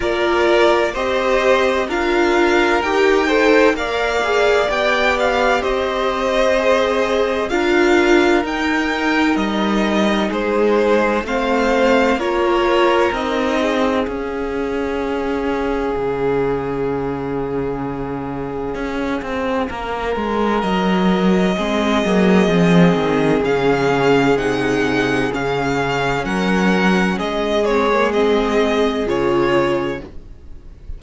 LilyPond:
<<
  \new Staff \with { instrumentName = "violin" } { \time 4/4 \tempo 4 = 64 d''4 dis''4 f''4 g''4 | f''4 g''8 f''8 dis''2 | f''4 g''4 dis''4 c''4 | f''4 cis''4 dis''4 f''4~ |
f''1~ | f''2 dis''2~ | dis''4 f''4 fis''4 f''4 | fis''4 dis''8 cis''8 dis''4 cis''4 | }
  \new Staff \with { instrumentName = "violin" } { \time 4/4 ais'4 c''4 ais'4. c''8 | d''2 c''2 | ais'2. gis'4 | c''4 ais'4. gis'4.~ |
gis'1~ | gis'4 ais'2 gis'4~ | gis'1 | ais'4 gis'2. | }
  \new Staff \with { instrumentName = "viola" } { \time 4/4 f'4 g'4 f'4 g'8 a'8 | ais'8 gis'8 g'2 gis'4 | f'4 dis'2. | c'4 f'4 dis'4 cis'4~ |
cis'1~ | cis'2. c'8 ais8 | c'4 cis'4 dis'4 cis'4~ | cis'4. c'16 ais16 c'4 f'4 | }
  \new Staff \with { instrumentName = "cello" } { \time 4/4 ais4 c'4 d'4 dis'4 | ais4 b4 c'2 | d'4 dis'4 g4 gis4 | a4 ais4 c'4 cis'4~ |
cis'4 cis2. | cis'8 c'8 ais8 gis8 fis4 gis8 fis8 | f8 dis8 cis4 c4 cis4 | fis4 gis2 cis4 | }
>>